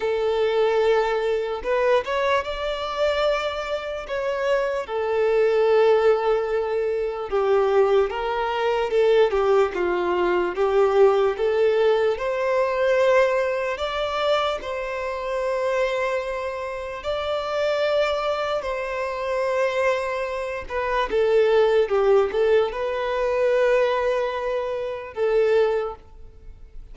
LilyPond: \new Staff \with { instrumentName = "violin" } { \time 4/4 \tempo 4 = 74 a'2 b'8 cis''8 d''4~ | d''4 cis''4 a'2~ | a'4 g'4 ais'4 a'8 g'8 | f'4 g'4 a'4 c''4~ |
c''4 d''4 c''2~ | c''4 d''2 c''4~ | c''4. b'8 a'4 g'8 a'8 | b'2. a'4 | }